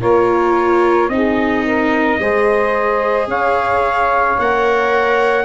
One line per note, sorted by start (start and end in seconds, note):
0.00 1.08 A#3
0.00 1.10 F4
0.00 1.09 A#4
0.00 1.09 C#5
1.08 2.17 C4
1.08 2.20 D#4
1.08 1.65 G#4
1.08 3.27 D#5
1.65 2.19 A#4
2.19 3.27 G#3
2.19 4.38 G#4
2.19 3.28 C5
3.27 4.36 C#4
3.27 5.44 C#5
3.27 4.39 F5
4.38 5.44 A#3
4.38 5.44 A#4
4.38 5.44 F#5